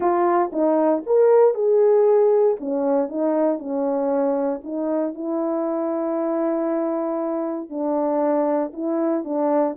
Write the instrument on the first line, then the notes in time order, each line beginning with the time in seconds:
horn
0.00 F4
0.52 D#4
1.06 A#4
1.54 G#4
2.60 C#4
3.09 D#4
3.58 C#4
4.63 D#4
5.14 E4
7.69 D4
8.73 E4
9.24 D4